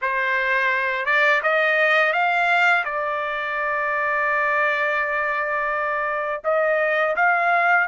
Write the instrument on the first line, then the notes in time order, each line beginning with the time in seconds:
trumpet
0.01 C5
1.05 D5
1.43 D#5
2.12 F5
2.84 D5
6.44 D#5
7.16 F5